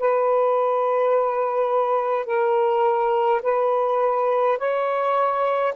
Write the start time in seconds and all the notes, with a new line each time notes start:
0.00 B4
2.26 A#4
3.43 B4
4.58 C#5